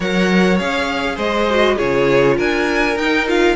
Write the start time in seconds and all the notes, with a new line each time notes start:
0.00 F#3 A#4 C#5 F#5
0.58 C#4 G#4 F5
1.15 G#3 C5 D#5
1.50 F#4
1.76 C#3 F4 G#4 C#5
2.37 D4 A#4 G#5
2.96 D#4 G5
3.27 F4 F5